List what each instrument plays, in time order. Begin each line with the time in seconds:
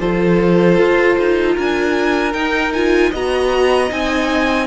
0.00 cello F3, viola F4, violin A4 C5
0.79 cello F4
1.19 cello D#4
1.55 cello D4, violin A#4 G#5
2.34 cello D#4, viola D#4, violin G5
2.73 viola F4, violin G#5
3.11 cello B3, viola F#4, violin D#5 A#5
3.89 cello C4, viola D#4, violin G#5